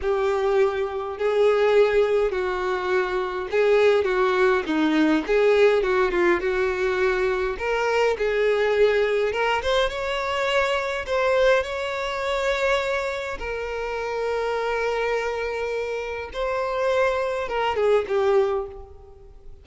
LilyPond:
\new Staff \with { instrumentName = "violin" } { \time 4/4 \tempo 4 = 103 g'2 gis'2 | fis'2 gis'4 fis'4 | dis'4 gis'4 fis'8 f'8 fis'4~ | fis'4 ais'4 gis'2 |
ais'8 c''8 cis''2 c''4 | cis''2. ais'4~ | ais'1 | c''2 ais'8 gis'8 g'4 | }